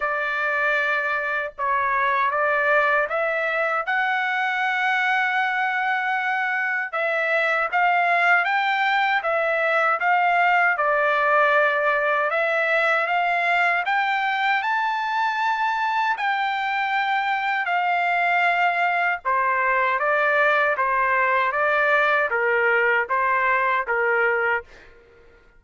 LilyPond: \new Staff \with { instrumentName = "trumpet" } { \time 4/4 \tempo 4 = 78 d''2 cis''4 d''4 | e''4 fis''2.~ | fis''4 e''4 f''4 g''4 | e''4 f''4 d''2 |
e''4 f''4 g''4 a''4~ | a''4 g''2 f''4~ | f''4 c''4 d''4 c''4 | d''4 ais'4 c''4 ais'4 | }